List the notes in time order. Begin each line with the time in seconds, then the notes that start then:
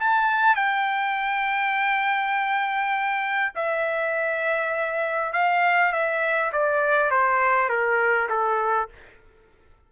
0.00 A5
0.56 G5
3.56 E5
5.33 F5
5.93 E5
6.53 D5
7.11 C5
7.69 A#4
8.30 A4